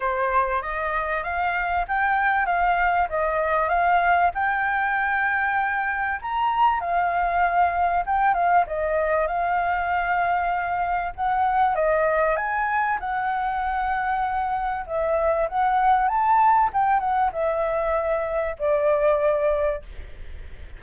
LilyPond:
\new Staff \with { instrumentName = "flute" } { \time 4/4 \tempo 4 = 97 c''4 dis''4 f''4 g''4 | f''4 dis''4 f''4 g''4~ | g''2 ais''4 f''4~ | f''4 g''8 f''8 dis''4 f''4~ |
f''2 fis''4 dis''4 | gis''4 fis''2. | e''4 fis''4 a''4 g''8 fis''8 | e''2 d''2 | }